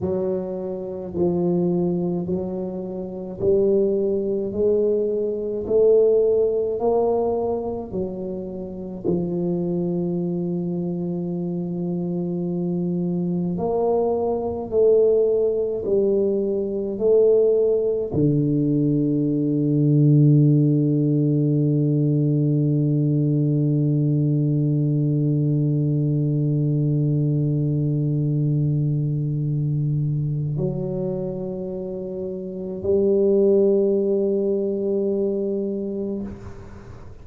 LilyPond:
\new Staff \with { instrumentName = "tuba" } { \time 4/4 \tempo 4 = 53 fis4 f4 fis4 g4 | gis4 a4 ais4 fis4 | f1 | ais4 a4 g4 a4 |
d1~ | d1~ | d2. fis4~ | fis4 g2. | }